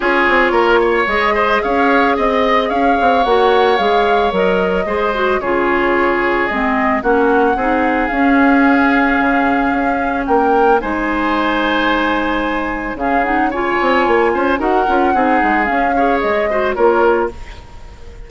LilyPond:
<<
  \new Staff \with { instrumentName = "flute" } { \time 4/4 \tempo 4 = 111 cis''2 dis''4 f''4 | dis''4 f''4 fis''4 f''4 | dis''2 cis''2 | dis''4 fis''2 f''4~ |
f''2. g''4 | gis''1 | f''8 fis''8 gis''2 fis''4~ | fis''4 f''4 dis''4 cis''4 | }
  \new Staff \with { instrumentName = "oboe" } { \time 4/4 gis'4 ais'8 cis''4 c''8 cis''4 | dis''4 cis''2.~ | cis''4 c''4 gis'2~ | gis'4 fis'4 gis'2~ |
gis'2. ais'4 | c''1 | gis'4 cis''4. c''8 ais'4 | gis'4. cis''4 c''8 ais'4 | }
  \new Staff \with { instrumentName = "clarinet" } { \time 4/4 f'2 gis'2~ | gis'2 fis'4 gis'4 | ais'4 gis'8 fis'8 f'2 | c'4 cis'4 dis'4 cis'4~ |
cis'1 | dis'1 | cis'8 dis'8 f'2 fis'8 f'8 | dis'4 cis'8 gis'4 fis'8 f'4 | }
  \new Staff \with { instrumentName = "bassoon" } { \time 4/4 cis'8 c'8 ais4 gis4 cis'4 | c'4 cis'8 c'8 ais4 gis4 | fis4 gis4 cis2 | gis4 ais4 c'4 cis'4~ |
cis'4 cis4 cis'4 ais4 | gis1 | cis4. c'8 ais8 cis'8 dis'8 cis'8 | c'8 gis8 cis'4 gis4 ais4 | }
>>